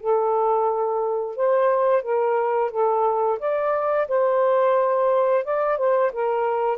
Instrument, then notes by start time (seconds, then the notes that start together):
saxophone
0.00 A4
1.36 C5
2.02 A#4
2.71 A4
3.39 D5
4.08 C5
5.44 D5
5.78 C5
6.12 A#4